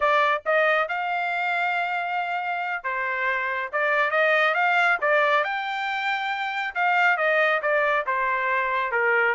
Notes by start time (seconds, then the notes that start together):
0.00 D5
0.45 D#5
0.88 F5
2.83 C5
3.72 D5
4.11 D#5
4.54 F5
5.01 D5
5.44 G5
6.74 F5
7.17 D#5
7.61 D5
8.06 C5
8.91 A#4